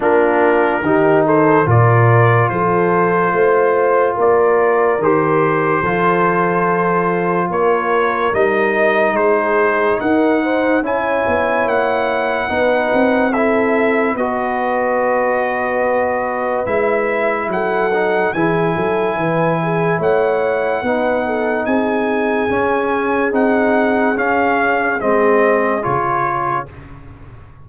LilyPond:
<<
  \new Staff \with { instrumentName = "trumpet" } { \time 4/4 \tempo 4 = 72 ais'4. c''8 d''4 c''4~ | c''4 d''4 c''2~ | c''4 cis''4 dis''4 c''4 | fis''4 gis''4 fis''2 |
e''4 dis''2. | e''4 fis''4 gis''2 | fis''2 gis''2 | fis''4 f''4 dis''4 cis''4 | }
  \new Staff \with { instrumentName = "horn" } { \time 4/4 f'4 g'8 a'8 ais'4 a'4 | c''4 ais'2 a'4~ | a'4 ais'2 gis'4 | ais'8 c''8 cis''2 b'4 |
a'4 b'2.~ | b'4 a'4 gis'8 a'8 b'8 gis'8 | cis''4 b'8 a'8 gis'2~ | gis'1 | }
  \new Staff \with { instrumentName = "trombone" } { \time 4/4 d'4 dis'4 f'2~ | f'2 g'4 f'4~ | f'2 dis'2~ | dis'4 e'2 dis'4 |
e'4 fis'2. | e'4. dis'8 e'2~ | e'4 dis'2 cis'4 | dis'4 cis'4 c'4 f'4 | }
  \new Staff \with { instrumentName = "tuba" } { \time 4/4 ais4 dis4 ais,4 f4 | a4 ais4 dis4 f4~ | f4 ais4 g4 gis4 | dis'4 cis'8 b8 ais4 b8 c'8~ |
c'4 b2. | gis4 fis4 e8 fis8 e4 | a4 b4 c'4 cis'4 | c'4 cis'4 gis4 cis4 | }
>>